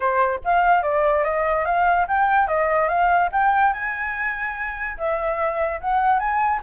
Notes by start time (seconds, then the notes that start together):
0.00 C5
0.44 F5
0.82 D5
1.24 D#5
1.65 F5
2.07 G5
2.47 D#5
2.88 F5
3.32 G5
3.73 G#5
4.97 E5
5.80 F#5
6.19 G#5